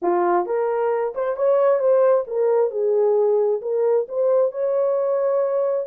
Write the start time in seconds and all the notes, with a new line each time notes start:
0.01 F4
0.46 A#4
1.14 C5
1.36 C#5
1.79 C5
2.27 A#4
2.70 G#4
3.61 A#4
4.08 C5
4.51 C#5